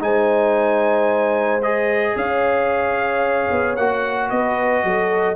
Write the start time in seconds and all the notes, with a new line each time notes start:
0.00 G#3 D#4 C5 G#5
1.62 G#4 D#5
2.16 C#4 C#5 F5
3.51 B3
3.76 A#3 F#4 F#5
4.30 B3 B4 D#5
4.84 F#3 A4